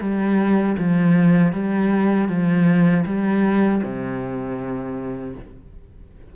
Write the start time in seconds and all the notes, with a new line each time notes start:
0.00 G3
0.78 F3
1.53 G3
2.29 F3
3.06 G3
3.83 C3